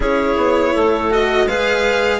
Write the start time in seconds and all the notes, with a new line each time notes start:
0.00 C#4 E4 G#4 C#5
0.37 B3
0.72 A3 A4
1.10 F#4 D#5
1.46 G#3 G#4 B4 F5